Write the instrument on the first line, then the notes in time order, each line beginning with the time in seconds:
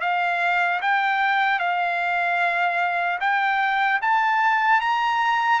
trumpet
0.00 F5
0.81 G5
1.59 F5
3.20 G5
4.01 A5
4.80 A#5